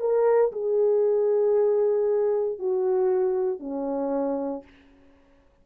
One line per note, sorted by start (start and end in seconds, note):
0.00 0.52 A#4
0.52 2.59 G#4
2.59 3.60 F#4
3.60 4.63 C#4